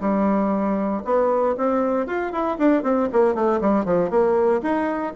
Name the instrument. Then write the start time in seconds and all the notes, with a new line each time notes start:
bassoon
0.00 G3
1.04 B3
1.57 C4
2.06 F4
2.32 E4
2.58 D4
2.83 C4
3.12 A#3
3.34 A3
3.61 G3
3.85 F3
4.10 A#3
4.62 D#4